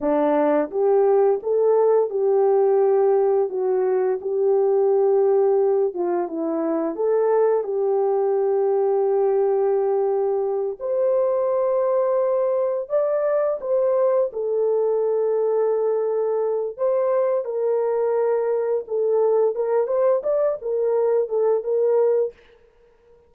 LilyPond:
\new Staff \with { instrumentName = "horn" } { \time 4/4 \tempo 4 = 86 d'4 g'4 a'4 g'4~ | g'4 fis'4 g'2~ | g'8 f'8 e'4 a'4 g'4~ | g'2.~ g'8 c''8~ |
c''2~ c''8 d''4 c''8~ | c''8 a'2.~ a'8 | c''4 ais'2 a'4 | ais'8 c''8 d''8 ais'4 a'8 ais'4 | }